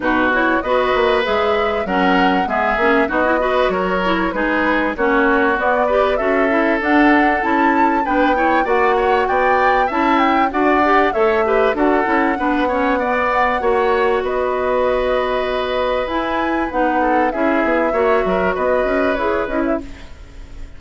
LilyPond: <<
  \new Staff \with { instrumentName = "flute" } { \time 4/4 \tempo 4 = 97 b'8 cis''8 dis''4 e''4 fis''4 | e''4 dis''4 cis''4 b'4 | cis''4 d''4 e''4 fis''4 | a''4 g''4 fis''4 g''4 |
a''8 g''8 fis''4 e''4 fis''4~ | fis''2. dis''4~ | dis''2 gis''4 fis''4 | e''2 dis''4 cis''8 dis''16 e''16 | }
  \new Staff \with { instrumentName = "oboe" } { \time 4/4 fis'4 b'2 ais'4 | gis'4 fis'8 b'8 ais'4 gis'4 | fis'4. b'8 a'2~ | a'4 b'8 cis''8 d''8 cis''8 d''4 |
e''4 d''4 cis''8 b'8 a'4 | b'8 cis''8 d''4 cis''4 b'4~ | b'2.~ b'8 a'8 | gis'4 cis''8 ais'8 b'2 | }
  \new Staff \with { instrumentName = "clarinet" } { \time 4/4 dis'8 e'8 fis'4 gis'4 cis'4 | b8 cis'8 dis'16 e'16 fis'4 e'8 dis'4 | cis'4 b8 g'8 fis'8 e'8 d'4 | e'4 d'8 e'8 fis'2 |
e'4 fis'8 g'8 a'8 g'8 fis'8 e'8 | d'8 cis'8 b4 fis'2~ | fis'2 e'4 dis'4 | e'4 fis'2 gis'8 e'8 | }
  \new Staff \with { instrumentName = "bassoon" } { \time 4/4 b,4 b8 ais8 gis4 fis4 | gis8 ais8 b4 fis4 gis4 | ais4 b4 cis'4 d'4 | cis'4 b4 ais4 b4 |
cis'4 d'4 a4 d'8 cis'8 | b2 ais4 b4~ | b2 e'4 b4 | cis'8 b8 ais8 fis8 b8 cis'8 e'8 cis'8 | }
>>